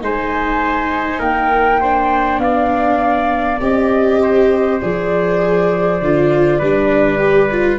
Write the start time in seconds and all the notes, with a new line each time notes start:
0.00 G#3 D#4 C5 G#5
1.19 A#3 A#4 G5
1.80 D4 C5
2.38 B3 D5 F5
3.60 C4 G4 D#5
4.22 C5
4.80 F3 G#4 D5
6.00 D3 F4
6.58 G3 D4 B4
7.18 G4
7.51 F4